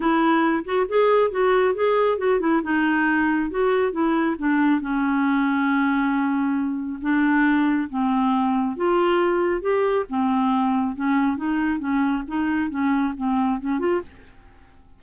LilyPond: \new Staff \with { instrumentName = "clarinet" } { \time 4/4 \tempo 4 = 137 e'4. fis'8 gis'4 fis'4 | gis'4 fis'8 e'8 dis'2 | fis'4 e'4 d'4 cis'4~ | cis'1 |
d'2 c'2 | f'2 g'4 c'4~ | c'4 cis'4 dis'4 cis'4 | dis'4 cis'4 c'4 cis'8 f'8 | }